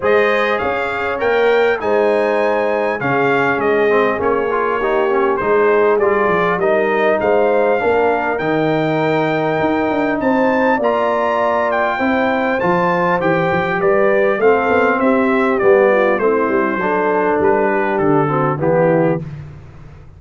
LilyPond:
<<
  \new Staff \with { instrumentName = "trumpet" } { \time 4/4 \tempo 4 = 100 dis''4 f''4 g''4 gis''4~ | gis''4 f''4 dis''4 cis''4~ | cis''4 c''4 d''4 dis''4 | f''2 g''2~ |
g''4 a''4 ais''4. g''8~ | g''4 a''4 g''4 d''4 | f''4 e''4 d''4 c''4~ | c''4 b'4 a'4 g'4 | }
  \new Staff \with { instrumentName = "horn" } { \time 4/4 c''4 cis''2 c''4~ | c''4 gis'2. | g'4 gis'2 ais'4 | c''4 ais'2.~ |
ais'4 c''4 d''2 | c''2. b'4 | a'4 g'4. f'8 e'4 | a'4. g'4 fis'8 e'4 | }
  \new Staff \with { instrumentName = "trombone" } { \time 4/4 gis'2 ais'4 dis'4~ | dis'4 cis'4. c'8 cis'8 f'8 | dis'8 cis'8 dis'4 f'4 dis'4~ | dis'4 d'4 dis'2~ |
dis'2 f'2 | e'4 f'4 g'2 | c'2 b4 c'4 | d'2~ d'8 c'8 b4 | }
  \new Staff \with { instrumentName = "tuba" } { \time 4/4 gis4 cis'4 ais4 gis4~ | gis4 cis4 gis4 ais4~ | ais4 gis4 g8 f8 g4 | gis4 ais4 dis2 |
dis'8 d'8 c'4 ais2 | c'4 f4 e8 f8 g4 | a8 b8 c'4 g4 a8 g8 | fis4 g4 d4 e4 | }
>>